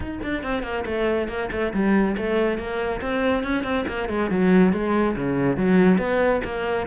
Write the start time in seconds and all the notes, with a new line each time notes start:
0.00 D#4
0.23 D4
0.43 C4
0.63 A#3
0.85 A3
1.28 A#3
1.51 A3
1.73 G3
2.17 A3
2.58 A#3
3.01 C4
3.43 C#4
3.63 C4
3.87 A#3
4.09 G#3
4.30 F#3
4.72 G#3
5.16 C#3
5.56 F#3
5.98 B3
6.44 A#3